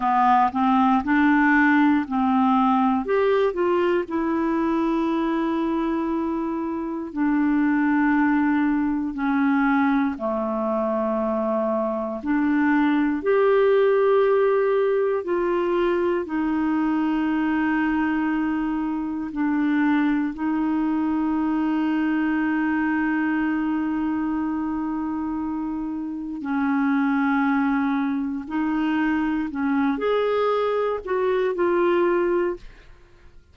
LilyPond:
\new Staff \with { instrumentName = "clarinet" } { \time 4/4 \tempo 4 = 59 b8 c'8 d'4 c'4 g'8 f'8 | e'2. d'4~ | d'4 cis'4 a2 | d'4 g'2 f'4 |
dis'2. d'4 | dis'1~ | dis'2 cis'2 | dis'4 cis'8 gis'4 fis'8 f'4 | }